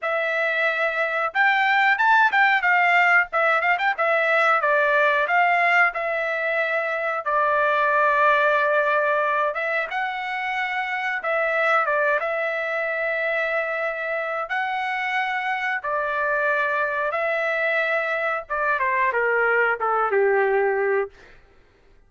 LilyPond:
\new Staff \with { instrumentName = "trumpet" } { \time 4/4 \tempo 4 = 91 e''2 g''4 a''8 g''8 | f''4 e''8 f''16 g''16 e''4 d''4 | f''4 e''2 d''4~ | d''2~ d''8 e''8 fis''4~ |
fis''4 e''4 d''8 e''4.~ | e''2 fis''2 | d''2 e''2 | d''8 c''8 ais'4 a'8 g'4. | }